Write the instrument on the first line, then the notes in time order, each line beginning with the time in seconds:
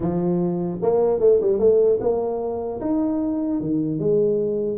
tuba
0.00 F3
0.81 A#3
1.20 A3
1.41 G3
1.59 A3
2.00 A#3
2.81 D#4
3.60 D#3
3.99 G#3